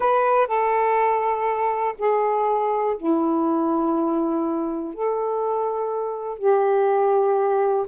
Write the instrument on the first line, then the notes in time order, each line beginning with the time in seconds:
saxophone
0.00 B4
0.47 A4
1.98 G#4
2.97 E4
4.94 A4
6.38 G4